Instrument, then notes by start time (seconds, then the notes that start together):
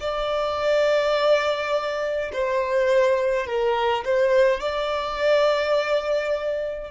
violin
0.00 D5
2.32 C5
3.46 A#4
4.04 C5
4.60 D5